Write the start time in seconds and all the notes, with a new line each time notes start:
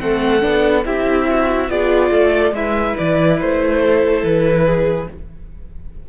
0.00 A3 C4 A4 F#5
0.41 B3 D4
0.85 C4 E4 G4 E5
1.29 F#4
1.69 B3 F4 G#4 D5
2.12 A3 A4
2.52 G#3 E4 B4 E5
2.98 E3 D5
3.41 A3 C5
3.82 A4
4.23 E3 B4
4.66 G#4